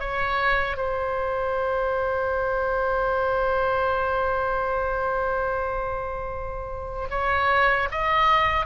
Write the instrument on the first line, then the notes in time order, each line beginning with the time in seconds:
oboe
0.00 C#5
0.77 C5
7.10 C#5
7.91 D#5